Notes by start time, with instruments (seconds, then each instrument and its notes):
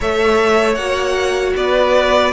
0.00 cello A3, viola A4, violin C#5 E5
0.75 cello A#3, viola F#4, violin F#5
1.56 cello B3, violin B4 D5